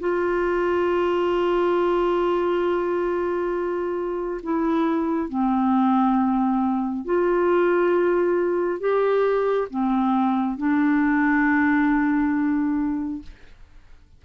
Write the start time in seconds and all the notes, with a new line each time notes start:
0.00 F4
4.43 E4
5.29 C4
7.05 F4
8.80 G4
9.70 C4
10.58 D4